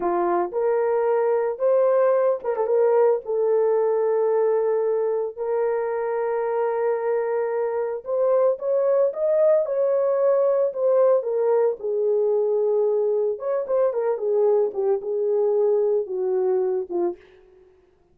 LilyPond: \new Staff \with { instrumentName = "horn" } { \time 4/4 \tempo 4 = 112 f'4 ais'2 c''4~ | c''8 ais'16 a'16 ais'4 a'2~ | a'2 ais'2~ | ais'2. c''4 |
cis''4 dis''4 cis''2 | c''4 ais'4 gis'2~ | gis'4 cis''8 c''8 ais'8 gis'4 g'8 | gis'2 fis'4. f'8 | }